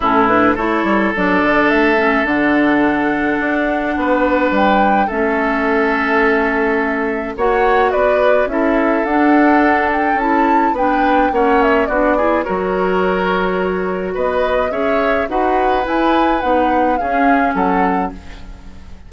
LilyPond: <<
  \new Staff \with { instrumentName = "flute" } { \time 4/4 \tempo 4 = 106 a'8 b'8 cis''4 d''4 e''4 | fis''1 | g''4 e''2.~ | e''4 fis''4 d''4 e''4 |
fis''4. g''8 a''4 g''4 | fis''8 e''8 d''4 cis''2~ | cis''4 dis''4 e''4 fis''4 | gis''4 fis''4 f''4 fis''4 | }
  \new Staff \with { instrumentName = "oboe" } { \time 4/4 e'4 a'2.~ | a'2. b'4~ | b'4 a'2.~ | a'4 cis''4 b'4 a'4~ |
a'2. b'4 | cis''4 fis'8 gis'8 ais'2~ | ais'4 b'4 cis''4 b'4~ | b'2 gis'4 a'4 | }
  \new Staff \with { instrumentName = "clarinet" } { \time 4/4 cis'8 d'8 e'4 d'4. cis'8 | d'1~ | d'4 cis'2.~ | cis'4 fis'2 e'4 |
d'2 e'4 d'4 | cis'4 d'8 e'8 fis'2~ | fis'2 gis'4 fis'4 | e'4 dis'4 cis'2 | }
  \new Staff \with { instrumentName = "bassoon" } { \time 4/4 a,4 a8 g8 fis8 d8 a4 | d2 d'4 b4 | g4 a2.~ | a4 ais4 b4 cis'4 |
d'2 cis'4 b4 | ais4 b4 fis2~ | fis4 b4 cis'4 dis'4 | e'4 b4 cis'4 fis4 | }
>>